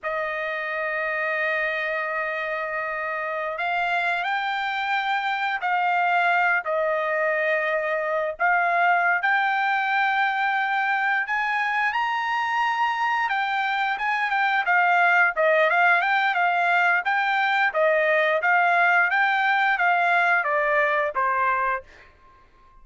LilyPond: \new Staff \with { instrumentName = "trumpet" } { \time 4/4 \tempo 4 = 88 dis''1~ | dis''4~ dis''16 f''4 g''4.~ g''16~ | g''16 f''4. dis''2~ dis''16~ | dis''16 f''4~ f''16 g''2~ g''8~ |
g''8 gis''4 ais''2 g''8~ | g''8 gis''8 g''8 f''4 dis''8 f''8 g''8 | f''4 g''4 dis''4 f''4 | g''4 f''4 d''4 c''4 | }